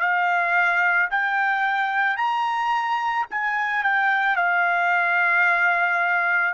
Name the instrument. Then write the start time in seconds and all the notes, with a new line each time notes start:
trumpet
0.00 F5
1.10 G5
2.17 A#5
3.30 G#5
3.83 G5
4.36 F5